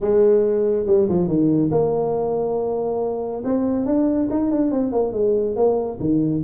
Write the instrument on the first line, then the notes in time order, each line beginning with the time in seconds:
tuba
0.00 G#3
0.86 G3
1.08 F3
1.27 D#3
1.71 A#3
3.44 C4
3.85 D4
4.30 D#4
4.51 D4
4.71 C4
4.92 A#3
5.13 G#3
5.56 A#3
6.00 D#3